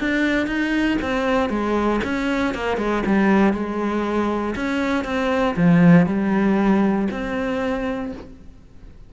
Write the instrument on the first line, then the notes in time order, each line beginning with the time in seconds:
cello
0.00 D4
0.47 D#4
1.02 C4
1.50 G#3
2.04 C#4
2.55 A#3
2.78 G#3
3.06 G3
3.53 G#3
4.56 C#4
5.05 C4
5.57 F3
6.07 G3
7.11 C4